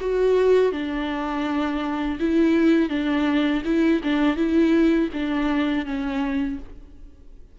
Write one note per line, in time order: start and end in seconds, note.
0.00 0.72 F#4
0.72 2.18 D4
2.19 2.89 E4
2.89 3.62 D4
3.65 4.01 E4
4.03 4.36 D4
4.36 5.09 E4
5.13 5.85 D4
5.85 6.58 C#4